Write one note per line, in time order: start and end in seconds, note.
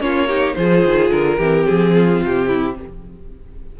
0.00 0.55 A#3
0.00 0.28 C#4
0.00 0.27 F4
0.00 0.54 C#5
0.27 0.56 D#4
0.27 0.55 G4
0.54 0.84 F3
0.54 1.40 F4
0.54 1.37 G#4
0.54 1.09 C5
0.85 1.10 D#3
1.10 1.37 D3
1.10 1.66 A#4
1.37 1.67 E3
1.37 2.77 C4
1.37 1.92 G4
1.67 2.23 F3
1.67 2.22 G#4
1.97 2.48 F4
2.23 2.78 C3
2.23 2.80 G4
2.48 2.75 E4